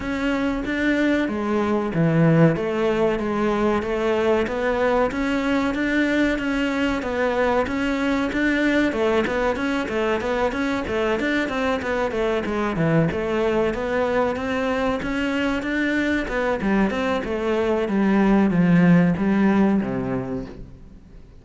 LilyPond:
\new Staff \with { instrumentName = "cello" } { \time 4/4 \tempo 4 = 94 cis'4 d'4 gis4 e4 | a4 gis4 a4 b4 | cis'4 d'4 cis'4 b4 | cis'4 d'4 a8 b8 cis'8 a8 |
b8 cis'8 a8 d'8 c'8 b8 a8 gis8 | e8 a4 b4 c'4 cis'8~ | cis'8 d'4 b8 g8 c'8 a4 | g4 f4 g4 c4 | }